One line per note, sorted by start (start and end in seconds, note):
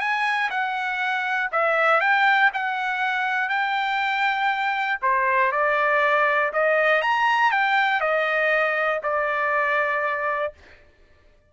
0.00 0.50 G#5
0.50 1.50 F#5
1.52 2.01 E5
2.01 2.51 G5
2.53 3.49 F#5
3.49 4.99 G5
5.02 5.52 C5
5.52 6.52 D5
6.53 7.02 D#5
7.02 7.52 A#5
7.52 8.01 G5
8.01 9.01 D#5
9.03 10.53 D5